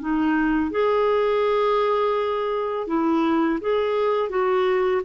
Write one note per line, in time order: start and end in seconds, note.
0.00 0.71 D#4
0.71 2.87 G#4
2.87 3.59 E4
3.61 4.29 G#4
4.29 5.02 F#4